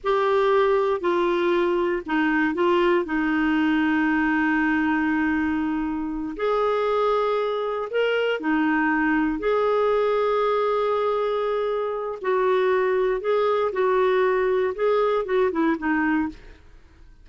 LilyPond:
\new Staff \with { instrumentName = "clarinet" } { \time 4/4 \tempo 4 = 118 g'2 f'2 | dis'4 f'4 dis'2~ | dis'1~ | dis'8 gis'2. ais'8~ |
ais'8 dis'2 gis'4.~ | gis'1 | fis'2 gis'4 fis'4~ | fis'4 gis'4 fis'8 e'8 dis'4 | }